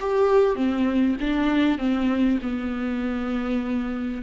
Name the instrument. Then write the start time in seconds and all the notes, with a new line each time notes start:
viola
0.00 G4
0.55 C4
1.20 D4
1.78 C4
2.42 B3